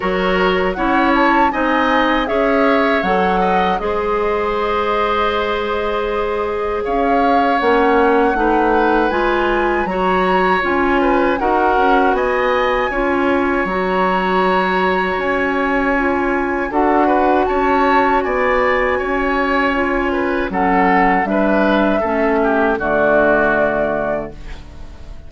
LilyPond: <<
  \new Staff \with { instrumentName = "flute" } { \time 4/4 \tempo 4 = 79 cis''4 fis''8 a''8 gis''4 e''4 | fis''4 dis''2.~ | dis''4 f''4 fis''2 | gis''4 ais''4 gis''4 fis''4 |
gis''2 ais''2 | gis''2 fis''4 a''4 | gis''2. fis''4 | e''2 d''2 | }
  \new Staff \with { instrumentName = "oboe" } { \time 4/4 ais'4 cis''4 dis''4 cis''4~ | cis''8 dis''8 c''2.~ | c''4 cis''2 b'4~ | b'4 cis''4. b'8 ais'4 |
dis''4 cis''2.~ | cis''2 a'8 b'8 cis''4 | d''4 cis''4. b'8 a'4 | b'4 a'8 g'8 fis'2 | }
  \new Staff \with { instrumentName = "clarinet" } { \time 4/4 fis'4 e'4 dis'4 gis'4 | a'4 gis'2.~ | gis'2 cis'4 dis'4 | f'4 fis'4 f'4 fis'4~ |
fis'4 f'4 fis'2~ | fis'4 f'4 fis'2~ | fis'2 f'4 cis'4 | d'4 cis'4 a2 | }
  \new Staff \with { instrumentName = "bassoon" } { \time 4/4 fis4 cis'4 c'4 cis'4 | fis4 gis2.~ | gis4 cis'4 ais4 a4 | gis4 fis4 cis'4 dis'8 cis'8 |
b4 cis'4 fis2 | cis'2 d'4 cis'4 | b4 cis'2 fis4 | g4 a4 d2 | }
>>